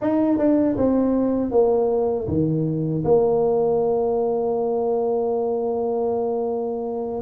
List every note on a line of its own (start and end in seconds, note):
0.01 0.38 D#4
0.38 0.76 D4
0.77 1.51 C4
1.51 2.27 A#3
2.27 3.03 D#3
3.04 7.21 A#3